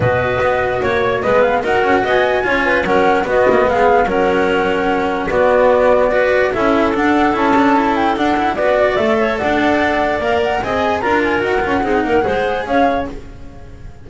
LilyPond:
<<
  \new Staff \with { instrumentName = "flute" } { \time 4/4 \tempo 4 = 147 dis''2 cis''4 dis''8 f''8 | fis''4 gis''2 fis''4 | dis''4 f''4 fis''2~ | fis''4 d''2. |
e''4 fis''4 a''4. g''8 | fis''4 d''4 e''4 fis''4~ | fis''4 f''8 fis''8 gis''4 ais''8 gis''8 | fis''2. f''4 | }
  \new Staff \with { instrumentName = "clarinet" } { \time 4/4 b'2 cis''4 b'4 | ais'4 dis''4 cis''8 b'8 ais'4 | fis'4 gis'4 ais'2~ | ais'4 fis'2 b'4 |
a'1~ | a'4 b'8 d''4 cis''8 d''4~ | d''2 dis''4 ais'4~ | ais'4 gis'8 ais'8 c''4 cis''4 | }
  \new Staff \with { instrumentName = "cello" } { \time 4/4 fis'2. b4 | fis'2 f'4 cis'4 | b2 cis'2~ | cis'4 b2 fis'4 |
e'4 d'4 e'8 d'8 e'4 | d'8 e'8 fis'4 a'2~ | a'4 ais'4 gis'4 f'4 | fis'8 f'8 dis'4 gis'2 | }
  \new Staff \with { instrumentName = "double bass" } { \time 4/4 b,4 b4 ais4 gis4 | dis'8 cis'8 b4 cis'4 fis4 | b8 ais8 gis4 fis2~ | fis4 b2. |
cis'4 d'4 cis'2 | d'4 b4 a4 d'4~ | d'4 ais4 c'4 d'4 | dis'8 cis'8 c'8 ais8 gis4 cis'4 | }
>>